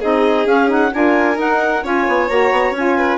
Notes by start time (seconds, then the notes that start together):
0.00 C4 D#4 G#4 D#5
0.45 C#4 F5
0.67 D#4 F#5
0.92 D4 F4 A#4 G#5
1.33 D#4 F#5
1.82 C#4 F4 C#5 G#5
2.07 B3
2.28 A#3 F#4 A#5
2.51 B3
2.71 C#4 F4 G#5
2.96 B4